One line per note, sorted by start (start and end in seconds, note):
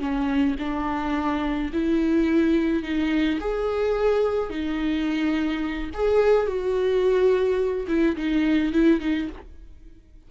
0.00 0.56 C#4
0.59 1.72 D4
1.73 2.83 E4
2.83 3.40 D#4
3.41 4.50 G#4
4.50 5.91 D#4
5.94 6.47 G#4
6.47 7.87 F#4
7.88 8.16 E4
8.17 8.73 D#4
8.73 9.01 E4
9.01 9.29 D#4